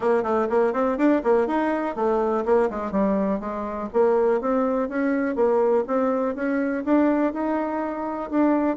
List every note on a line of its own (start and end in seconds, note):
0.00 0.23 A#3
0.23 0.47 A3
0.49 0.73 A#3
0.73 0.97 C4
0.97 1.22 D4
1.23 1.47 A#3
1.47 1.95 D#4
1.95 2.44 A3
2.45 2.69 A#3
2.70 2.91 G#3
2.91 3.39 G3
3.39 3.88 G#3
3.93 4.41 A#3
4.41 4.88 C4
4.88 5.35 C#4
5.35 5.84 A#3
5.87 6.35 C4
6.35 6.84 C#4
6.84 7.33 D4
7.33 8.30 D#4
8.30 8.76 D4